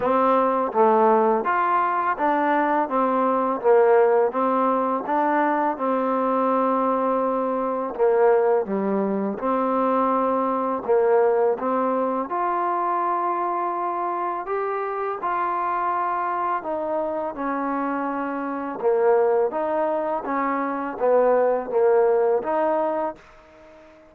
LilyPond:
\new Staff \with { instrumentName = "trombone" } { \time 4/4 \tempo 4 = 83 c'4 a4 f'4 d'4 | c'4 ais4 c'4 d'4 | c'2. ais4 | g4 c'2 ais4 |
c'4 f'2. | g'4 f'2 dis'4 | cis'2 ais4 dis'4 | cis'4 b4 ais4 dis'4 | }